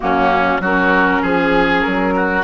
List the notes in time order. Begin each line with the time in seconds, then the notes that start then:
0.00 F#2 A#3 C#4 F#4
0.60 F#3 C#4 F#4 A#4
1.22 F3 G#4
1.82 F#3 A#4
2.15 F#4